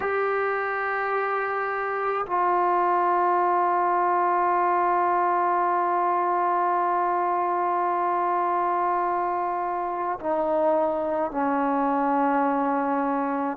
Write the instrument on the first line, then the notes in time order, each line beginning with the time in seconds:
trombone
0.00 G4
2.26 F4
10.19 D#4
11.31 C#4